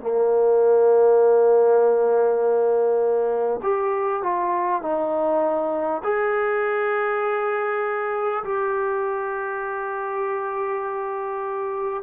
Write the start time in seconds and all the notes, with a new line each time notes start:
0.00 A#3
3.63 G4
4.22 F4
4.82 D#4
6.03 G#4
8.44 G4